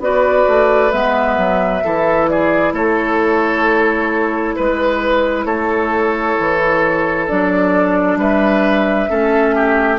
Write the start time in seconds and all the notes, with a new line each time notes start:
0.00 B3 F#4 B4 D5
0.48 A3
0.91 G#3 B3 E5
1.38 F#3
1.84 E3 E4 A4
2.29 G#4 D5
2.73 A3 A4 C#5
4.56 G#3 B4
5.45 A3 A4 C#5
6.40 E3
7.28 F#3 D4 D5
8.17 G3 B4 E5
9.09 A3 C#4 A4
9.55 G4